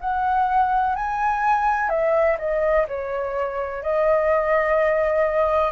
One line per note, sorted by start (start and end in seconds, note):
0.00 0.95 F#5
0.96 1.89 G#5
1.89 2.37 E5
2.39 2.86 D#5
2.88 3.83 C#5
3.83 5.71 D#5